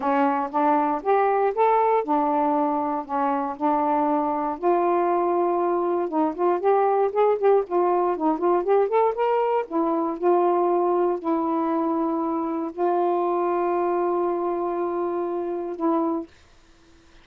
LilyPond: \new Staff \with { instrumentName = "saxophone" } { \time 4/4 \tempo 4 = 118 cis'4 d'4 g'4 a'4 | d'2 cis'4 d'4~ | d'4 f'2. | dis'8 f'8 g'4 gis'8 g'8 f'4 |
dis'8 f'8 g'8 a'8 ais'4 e'4 | f'2 e'2~ | e'4 f'2.~ | f'2. e'4 | }